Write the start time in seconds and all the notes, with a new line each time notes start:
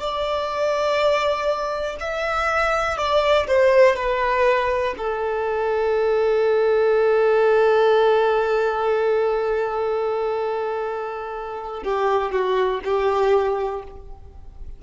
0.00 D5
2.00 E5
2.98 D5
3.47 C5
3.97 B4
4.98 A4
11.83 G4
12.32 F#4
12.85 G4